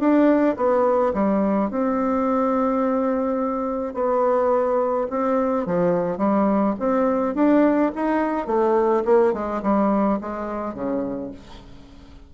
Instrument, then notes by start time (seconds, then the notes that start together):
bassoon
0.00 D4
0.57 B3
1.14 G3
1.71 C4
3.94 B3
5.10 C4
5.67 F3
6.18 G3
6.80 C4
7.35 D4
7.96 D#4
8.47 A3
9.05 A#3
9.33 G#3
9.63 G3
10.21 G#3
10.74 C#3